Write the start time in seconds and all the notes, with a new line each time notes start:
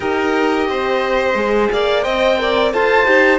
0.00 D#4 G4 A#4 D#5
0.67 C4 C5
1.34 G#3 G#4
1.70 A#3 D5 F5
2.02 C4 C5 D#5 G5
2.38 A#4 D5
2.72 F4 A4 C5 A5
3.05 D#4 G4